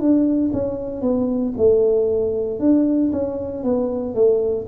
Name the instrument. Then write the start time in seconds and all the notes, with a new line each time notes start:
tuba
0.00 D4
0.53 C#4
1.02 B3
1.57 A3
2.60 D4
3.12 C#4
3.63 B3
4.15 A3